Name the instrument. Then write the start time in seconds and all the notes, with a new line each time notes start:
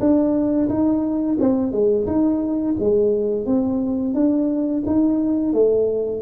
tuba
0.00 D4
0.69 D#4
1.40 C4
1.72 G#3
2.07 D#4
2.80 G#3
3.46 C4
4.15 D4
4.87 D#4
5.54 A3